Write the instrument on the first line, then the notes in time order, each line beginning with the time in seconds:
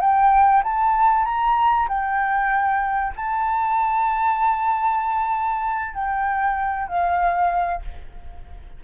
flute
0.00 G5
0.63 A5
1.25 A#5
1.88 G5
3.16 A5
5.94 G5
6.88 F5